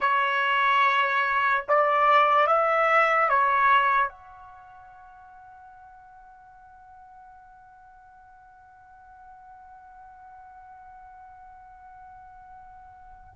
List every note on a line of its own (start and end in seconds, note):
0.00 1.65 C#5
1.68 2.47 D5
2.47 3.29 E5
3.29 4.09 C#5
4.09 13.33 F#5